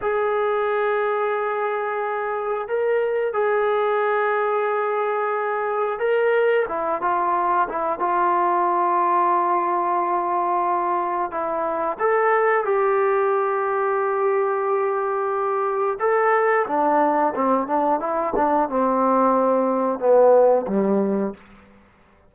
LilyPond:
\new Staff \with { instrumentName = "trombone" } { \time 4/4 \tempo 4 = 90 gis'1 | ais'4 gis'2.~ | gis'4 ais'4 e'8 f'4 e'8 | f'1~ |
f'4 e'4 a'4 g'4~ | g'1 | a'4 d'4 c'8 d'8 e'8 d'8 | c'2 b4 g4 | }